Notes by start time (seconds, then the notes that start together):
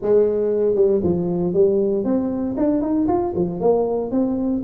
0.02 G#3
0.75 G3
1.03 F3
1.53 G3
2.04 C4
2.57 D4
2.81 D#4
3.07 F4
3.35 F3
3.60 A#3
4.11 C4